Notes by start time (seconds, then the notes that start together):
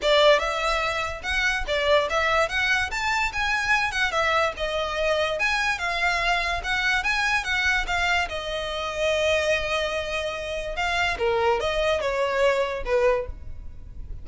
0.02 D5
0.39 E5
1.23 F#5
1.67 D5
2.09 E5
2.48 F#5
2.90 A5
3.33 G#5
3.91 F#5
4.11 E5
4.56 D#5
5.39 G#5
5.78 F5
6.63 F#5
7.03 G#5
7.44 F#5
7.86 F5
8.28 D#5
10.75 F5
11.18 A#4
11.60 D#5
12.00 C#5
12.85 B4